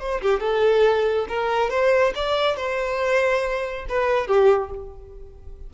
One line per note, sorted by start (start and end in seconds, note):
0.00 0.22 C5
0.22 0.40 G4
0.40 1.27 A4
1.29 1.71 A#4
1.71 2.14 C5
2.15 2.57 D5
2.57 3.86 C5
3.89 4.27 B4
4.27 4.71 G4